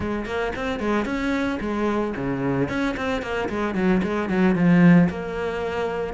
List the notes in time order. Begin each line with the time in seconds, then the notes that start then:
0.00 G#3
0.25 A#3
0.55 C4
0.79 G#3
1.05 C#4
1.60 G#3
2.16 C#3
2.68 C#4
2.96 C4
3.22 A#3
3.49 G#3
3.74 F#3
4.03 G#3
4.29 F#3
4.55 F3
5.09 A#3